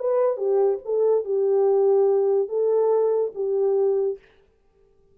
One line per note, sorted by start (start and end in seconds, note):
0.00 0.38 B4
0.38 0.79 G4
0.86 1.25 A4
1.25 2.49 G4
2.49 3.32 A4
3.35 4.19 G4